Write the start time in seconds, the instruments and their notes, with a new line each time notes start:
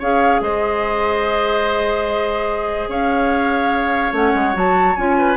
0.00 bassoon C#4, clarinet G#4, oboe C#5, flute F5
0.41 bassoon G#3, oboe C5, flute D#5
2.88 bassoon C#4, oboe C#5, flute F5
4.13 bassoon A3, clarinet C#4, flute F#5
4.34 bassoon G#3
4.54 bassoon F#3, clarinet F#4, flute A5
4.96 bassoon C#4, clarinet F4, flute G#5
5.18 oboe B4